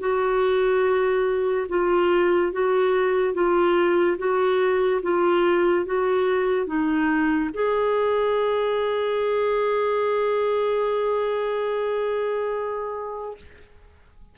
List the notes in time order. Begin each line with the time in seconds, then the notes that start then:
0.00 F#4
1.69 F4
2.52 F#4
3.34 F4
4.18 F#4
5.02 F4
5.86 F#4
6.66 D#4
7.53 G#4